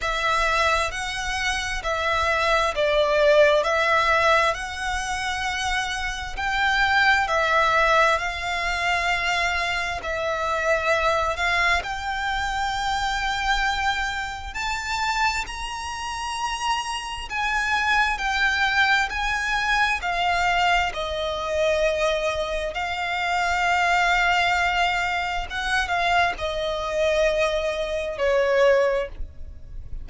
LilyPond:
\new Staff \with { instrumentName = "violin" } { \time 4/4 \tempo 4 = 66 e''4 fis''4 e''4 d''4 | e''4 fis''2 g''4 | e''4 f''2 e''4~ | e''8 f''8 g''2. |
a''4 ais''2 gis''4 | g''4 gis''4 f''4 dis''4~ | dis''4 f''2. | fis''8 f''8 dis''2 cis''4 | }